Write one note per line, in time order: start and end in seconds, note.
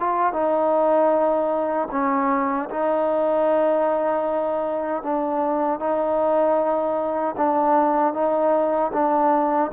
0.00 0.33 F4
0.33 1.89 D#4
1.92 2.70 C#4
2.71 5.03 D#4
5.03 5.80 D4
5.80 7.36 D#4
7.38 8.14 D4
8.14 8.92 D#4
8.94 9.72 D4